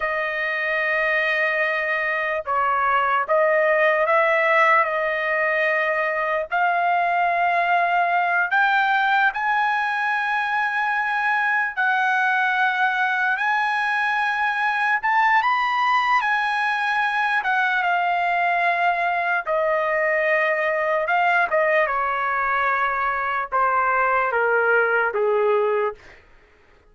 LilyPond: \new Staff \with { instrumentName = "trumpet" } { \time 4/4 \tempo 4 = 74 dis''2. cis''4 | dis''4 e''4 dis''2 | f''2~ f''8 g''4 gis''8~ | gis''2~ gis''8 fis''4.~ |
fis''8 gis''2 a''8 b''4 | gis''4. fis''8 f''2 | dis''2 f''8 dis''8 cis''4~ | cis''4 c''4 ais'4 gis'4 | }